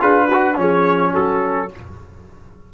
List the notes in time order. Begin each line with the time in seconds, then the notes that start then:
0.00 D4 F4 G#4 B4
0.28 F#4
0.55 F3 C#4 G#4 C#5
1.13 F#3 F#4 A4